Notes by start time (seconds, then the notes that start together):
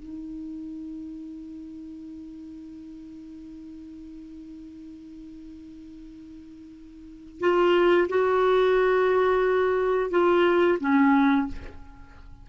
0.00 D#4
7.40 F4
8.09 F#4
10.11 F4
10.80 C#4